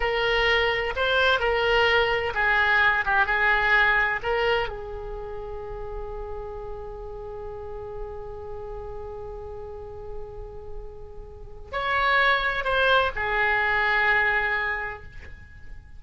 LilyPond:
\new Staff \with { instrumentName = "oboe" } { \time 4/4 \tempo 4 = 128 ais'2 c''4 ais'4~ | ais'4 gis'4. g'8 gis'4~ | gis'4 ais'4 gis'2~ | gis'1~ |
gis'1~ | gis'1~ | gis'4 cis''2 c''4 | gis'1 | }